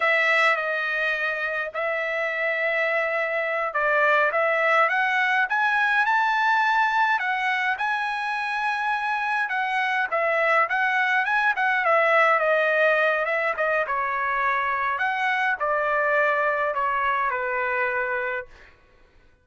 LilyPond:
\new Staff \with { instrumentName = "trumpet" } { \time 4/4 \tempo 4 = 104 e''4 dis''2 e''4~ | e''2~ e''8 d''4 e''8~ | e''8 fis''4 gis''4 a''4.~ | a''8 fis''4 gis''2~ gis''8~ |
gis''8 fis''4 e''4 fis''4 gis''8 | fis''8 e''4 dis''4. e''8 dis''8 | cis''2 fis''4 d''4~ | d''4 cis''4 b'2 | }